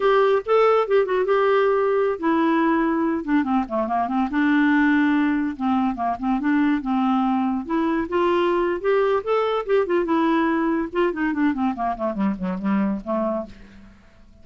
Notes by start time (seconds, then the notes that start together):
0.00 G4
0.45 A4
0.87 G4
1.05 F#4
1.25 G4
2.19 E4
3.24 D4
3.44 C4
3.68 A3
3.87 A#3
4.08 C4
4.30 D4
5.56 C4
5.95 A#3
6.19 C4
6.39 D4
6.81 C4
7.65 E4
8.08 F4
8.81 G4
9.23 A4
9.66 G4
9.86 F4
10.05 E4
10.92 F4
11.12 D#4
11.33 D4
11.53 C4
11.75 A#3
11.96 A3
12.14 G3
12.38 F#3
12.58 G3
13.04 A3